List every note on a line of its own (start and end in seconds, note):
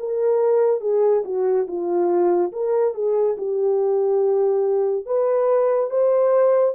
0.00 0.81 A#4
0.81 1.23 G#4
1.25 1.67 F#4
1.68 2.52 F4
2.53 2.95 A#4
2.95 3.37 G#4
3.38 5.06 G4
5.06 5.90 B4
5.90 6.75 C5